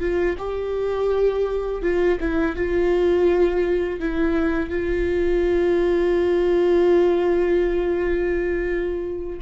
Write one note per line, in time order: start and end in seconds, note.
0.00 0.36 F4
0.39 1.83 G4
1.83 2.19 F4
2.20 2.56 E4
2.56 4.00 F4
4.00 4.70 E4
4.70 9.40 F4